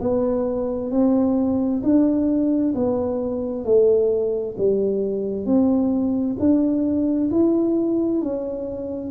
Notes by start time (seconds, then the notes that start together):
0.00 B3
0.91 C4
1.83 D4
2.74 B3
3.64 A3
4.57 G3
5.45 C4
6.39 D4
7.31 E4
8.21 C#4